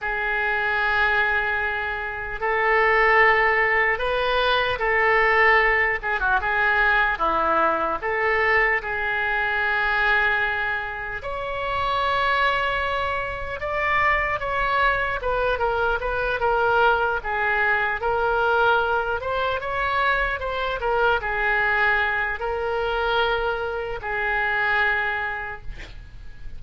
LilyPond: \new Staff \with { instrumentName = "oboe" } { \time 4/4 \tempo 4 = 75 gis'2. a'4~ | a'4 b'4 a'4. gis'16 fis'16 | gis'4 e'4 a'4 gis'4~ | gis'2 cis''2~ |
cis''4 d''4 cis''4 b'8 ais'8 | b'8 ais'4 gis'4 ais'4. | c''8 cis''4 c''8 ais'8 gis'4. | ais'2 gis'2 | }